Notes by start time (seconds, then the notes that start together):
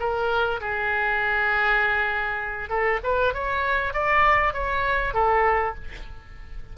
0.00 A#4
0.61 G#4
2.69 A4
3.04 B4
3.34 C#5
3.94 D5
4.54 C#5
5.14 A4